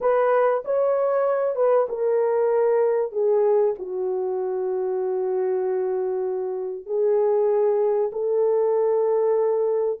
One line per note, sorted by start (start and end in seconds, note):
0.00 0.63 B4
0.64 1.55 C#5
1.55 1.87 B4
1.88 3.11 A#4
3.11 3.74 G#4
3.78 6.86 F#4
6.86 8.11 G#4
8.12 10.00 A4